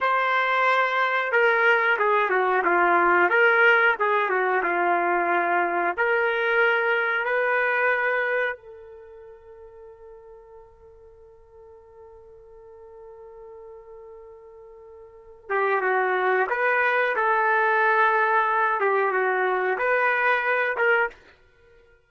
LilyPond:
\new Staff \with { instrumentName = "trumpet" } { \time 4/4 \tempo 4 = 91 c''2 ais'4 gis'8 fis'8 | f'4 ais'4 gis'8 fis'8 f'4~ | f'4 ais'2 b'4~ | b'4 a'2.~ |
a'1~ | a'2.~ a'8 g'8 | fis'4 b'4 a'2~ | a'8 g'8 fis'4 b'4. ais'8 | }